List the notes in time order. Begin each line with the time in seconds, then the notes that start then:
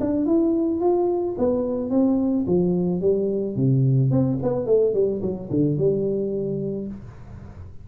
0.00 D4
0.26 E4
0.80 F4
1.38 B3
1.90 C4
2.46 F3
3.01 G3
3.56 C3
4.11 C4
4.42 B3
4.66 A3
4.94 G3
5.22 F#3
5.50 D3
5.77 G3